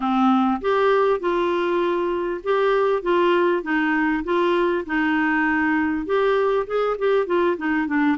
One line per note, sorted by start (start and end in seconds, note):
0.00 0.60 C4
0.61 1.20 G4
1.20 2.41 F4
2.43 3.02 G4
3.02 3.63 F4
3.63 4.23 D#4
4.24 4.84 F4
4.85 6.06 D#4
6.06 6.66 G4
6.66 6.97 G#4
6.98 7.26 G4
7.26 7.56 F4
7.57 7.87 D#4
7.87 8.17 D4